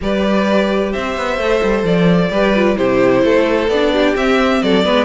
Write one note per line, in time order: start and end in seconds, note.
0.01 0.94 G3
0.01 1.40 G4
0.01 0.92 B4
0.01 0.92 D5
0.92 1.17 C4
0.92 2.31 C5
0.92 1.84 E5
1.17 1.37 B3
1.37 1.60 A3
1.37 2.31 A4
1.62 1.83 G3
1.83 2.29 F3
1.83 2.77 D5
2.30 2.77 G3
2.30 2.54 G4
2.30 2.77 B4
2.55 2.75 F4
2.75 3.23 C3
2.75 3.68 E4
2.75 3.23 G4
2.75 3.69 C5
3.23 3.67 A3
3.23 3.93 A4
3.67 4.14 B3
3.67 4.16 D4
3.67 4.15 D5
3.93 4.62 G4
4.15 4.62 C4
4.15 4.84 C4
4.15 4.62 E5
4.62 4.85 F#3
4.62 4.84 A4
4.62 5.05 D5
4.84 5.05 G#3
4.84 5.05 B3
4.84 5.05 B4